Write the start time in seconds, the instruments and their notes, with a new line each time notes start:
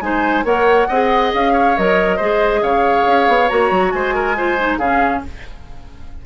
0.00 bassoon G#3, clarinet D#4, oboe C5, flute G#5
0.44 bassoon A#3, clarinet A#4, oboe C#5, flute F#5
0.88 bassoon C4, clarinet G#4, oboe D#5
1.34 bassoon C#4, flute F5
1.53 oboe C#5
1.77 bassoon F#3, clarinet A#4, flute D#5
2.16 bassoon G#3, clarinet G#4, oboe C5
2.62 bassoon C#3, oboe C#5, flute F5
3.06 bassoon C#4
3.28 bassoon B3
3.48 bassoon A#3, clarinet F#4, flute A#5
3.70 bassoon F#3
3.90 bassoon G#3, oboe C5, flute G#5
4.14 oboe A#4
4.36 clarinet F4, oboe C5
4.58 clarinet D#4
4.78 bassoon C#3, clarinet C#4, oboe G#4, flute F5